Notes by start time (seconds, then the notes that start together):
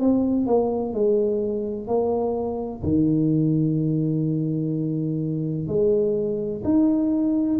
0.00 C4
0.46 A#3
0.93 G#3
1.87 A#3
2.83 D#3
5.68 G#3
6.64 D#4